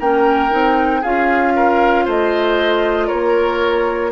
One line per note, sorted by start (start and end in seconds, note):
0.00 0.52 A#3
0.00 0.50 C#4
0.00 1.02 A#4
0.00 1.04 G5
0.50 1.04 C4
0.50 1.02 D#4
1.02 2.07 C#4
1.02 4.12 F4
1.02 1.53 G#4
1.02 2.08 F5
1.56 2.06 A#4
2.06 3.11 A3
2.06 3.07 C5
2.06 3.08 D#5
3.07 4.12 A#3
3.07 4.11 A#4
3.07 4.12 C#5